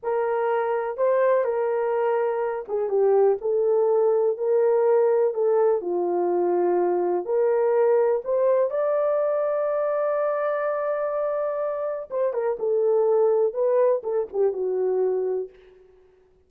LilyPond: \new Staff \with { instrumentName = "horn" } { \time 4/4 \tempo 4 = 124 ais'2 c''4 ais'4~ | ais'4. gis'8 g'4 a'4~ | a'4 ais'2 a'4 | f'2. ais'4~ |
ais'4 c''4 d''2~ | d''1~ | d''4 c''8 ais'8 a'2 | b'4 a'8 g'8 fis'2 | }